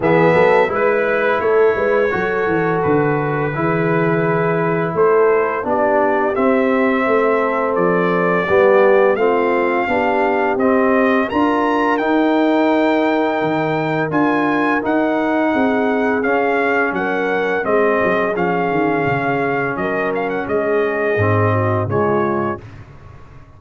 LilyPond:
<<
  \new Staff \with { instrumentName = "trumpet" } { \time 4/4 \tempo 4 = 85 e''4 b'4 cis''2 | b'2. c''4 | d''4 e''2 d''4~ | d''4 f''2 dis''4 |
ais''4 g''2. | gis''4 fis''2 f''4 | fis''4 dis''4 f''2 | dis''8 f''16 fis''16 dis''2 cis''4 | }
  \new Staff \with { instrumentName = "horn" } { \time 4/4 gis'8 a'8 b'4 a'8 b'8 a'4~ | a'4 gis'2 a'4 | g'2 a'2 | g'4 f'4 g'2 |
ais'1~ | ais'2 gis'2 | ais'4 gis'2. | ais'4 gis'4. fis'8 f'4 | }
  \new Staff \with { instrumentName = "trombone" } { \time 4/4 b4 e'2 fis'4~ | fis'4 e'2. | d'4 c'2. | b4 c'4 d'4 c'4 |
f'4 dis'2. | f'4 dis'2 cis'4~ | cis'4 c'4 cis'2~ | cis'2 c'4 gis4 | }
  \new Staff \with { instrumentName = "tuba" } { \time 4/4 e8 fis8 gis4 a8 gis8 fis8 e8 | d4 e2 a4 | b4 c'4 a4 f4 | g4 a4 b4 c'4 |
d'4 dis'2 dis4 | d'4 dis'4 c'4 cis'4 | fis4 gis8 fis8 f8 dis8 cis4 | fis4 gis4 gis,4 cis4 | }
>>